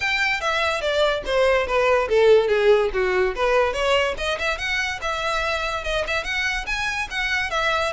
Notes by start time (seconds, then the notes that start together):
0.00 G5
0.40 E5
0.81 D5
1.25 C5
1.66 B4
2.08 A4
2.48 G#4
2.93 F#4
3.35 B4
3.73 C#5
4.17 D#5
4.38 E5
4.58 F#5
5.01 E5
5.83 D#5
6.07 E5
6.23 F#5
6.66 G#5
7.10 F#5
7.50 E5